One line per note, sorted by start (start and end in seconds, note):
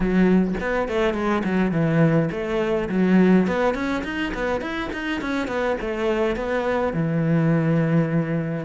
0.00 0.54 F#3
0.60 0.88 B3
0.88 1.14 A3
1.14 1.43 G#3
1.43 1.71 F#3
1.71 2.29 E3
2.31 2.88 A3
2.89 3.47 F#3
3.47 3.74 B3
3.74 4.03 C#4
4.04 4.32 D#4
4.33 4.61 B3
4.61 4.90 E4
4.92 5.21 D#4
5.21 5.47 C#4
5.47 5.76 B3
5.81 6.36 A3
6.36 6.93 B3
6.93 8.65 E3